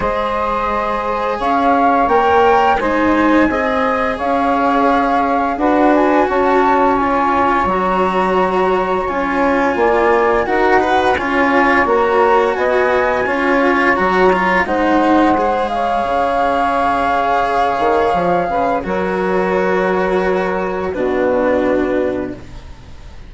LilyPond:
<<
  \new Staff \with { instrumentName = "flute" } { \time 4/4 \tempo 4 = 86 dis''2 f''4 g''4 | gis''2 f''2 | fis''8 gis''8 a''4 gis''4 ais''4~ | ais''4 gis''2 fis''4 |
gis''4 ais''4 gis''2 | ais''4 fis''4. f''4.~ | f''2. cis''4~ | cis''2 b'2 | }
  \new Staff \with { instrumentName = "saxophone" } { \time 4/4 c''2 cis''2 | c''4 dis''4 cis''2 | b'4 cis''2.~ | cis''2 d''4 ais'8 fis'8 |
cis''2 dis''4 cis''4~ | cis''4 c''4. cis''4.~ | cis''2~ cis''8 b'8 ais'4~ | ais'2 fis'2 | }
  \new Staff \with { instrumentName = "cello" } { \time 4/4 gis'2. ais'4 | dis'4 gis'2. | fis'2 f'4 fis'4~ | fis'4 f'2 fis'8 b'8 |
f'4 fis'2 f'4 | fis'8 f'8 dis'4 gis'2~ | gis'2. fis'4~ | fis'2 d'2 | }
  \new Staff \with { instrumentName = "bassoon" } { \time 4/4 gis2 cis'4 ais4 | gis4 c'4 cis'2 | d'4 cis'2 fis4~ | fis4 cis'4 ais4 dis'4 |
cis'4 ais4 b4 cis'4 | fis4 gis2 cis4~ | cis4. dis8 f8 cis8 fis4~ | fis2 b,2 | }
>>